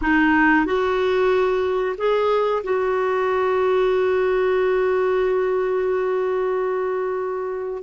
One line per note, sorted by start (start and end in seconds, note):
0.01 0.65 D#4
0.65 1.96 F#4
1.97 2.62 G#4
2.63 7.83 F#4